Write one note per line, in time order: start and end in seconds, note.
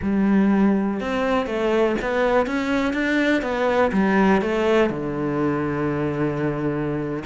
0.02 1.00 G3
1.00 1.46 C4
1.46 1.95 A3
2.01 2.46 B3
2.46 2.93 C#4
2.93 3.42 D4
3.42 3.91 B3
3.92 4.41 G3
4.42 4.90 A3
4.90 7.23 D3